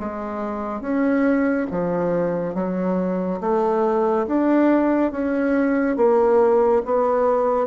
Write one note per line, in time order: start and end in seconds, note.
0.00 0.81 G#3
0.81 1.67 C#4
1.71 2.54 F3
2.54 3.40 F#3
3.41 4.26 A3
4.27 5.12 D4
5.12 5.96 C#4
5.96 6.82 A#3
6.85 7.67 B3